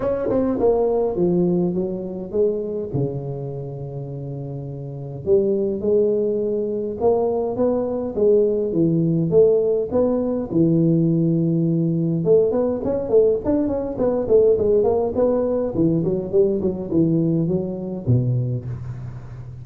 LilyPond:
\new Staff \with { instrumentName = "tuba" } { \time 4/4 \tempo 4 = 103 cis'8 c'8 ais4 f4 fis4 | gis4 cis2.~ | cis4 g4 gis2 | ais4 b4 gis4 e4 |
a4 b4 e2~ | e4 a8 b8 cis'8 a8 d'8 cis'8 | b8 a8 gis8 ais8 b4 e8 fis8 | g8 fis8 e4 fis4 b,4 | }